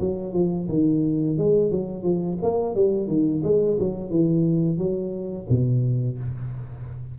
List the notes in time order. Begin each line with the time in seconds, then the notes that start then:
0.00 F#3
0.33 F3
0.69 D#3
1.38 G#3
1.71 F#3
2.03 F3
2.42 A#3
2.75 G3
3.08 D#3
3.44 G#3
3.79 F#3
4.11 E3
4.78 F#3
5.50 B2